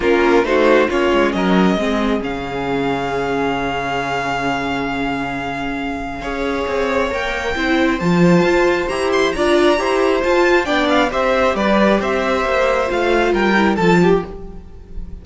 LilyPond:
<<
  \new Staff \with { instrumentName = "violin" } { \time 4/4 \tempo 4 = 135 ais'4 c''4 cis''4 dis''4~ | dis''4 f''2.~ | f''1~ | f''1 |
g''2 a''2 | ais''8 c'''8 ais''2 a''4 | g''8 f''8 e''4 d''4 e''4~ | e''4 f''4 g''4 a''4 | }
  \new Staff \with { instrumentName = "violin" } { \time 4/4 f'4 fis'4 f'4 ais'4 | gis'1~ | gis'1~ | gis'2 cis''2~ |
cis''4 c''2.~ | c''4 d''4 c''2 | d''4 c''4 b'4 c''4~ | c''2 ais'4 a'8 g'8 | }
  \new Staff \with { instrumentName = "viola" } { \time 4/4 cis'4 dis'4 cis'2 | c'4 cis'2.~ | cis'1~ | cis'2 gis'2 |
ais'4 e'4 f'2 | g'4 f'4 g'4 f'4 | d'4 g'2.~ | g'4 f'4. e'8 f'4 | }
  \new Staff \with { instrumentName = "cello" } { \time 4/4 ais4 a4 ais8 gis8 fis4 | gis4 cis2.~ | cis1~ | cis2 cis'4 c'4 |
ais4 c'4 f4 f'4 | e'4 d'4 e'4 f'4 | b4 c'4 g4 c'4 | ais4 a4 g4 f4 | }
>>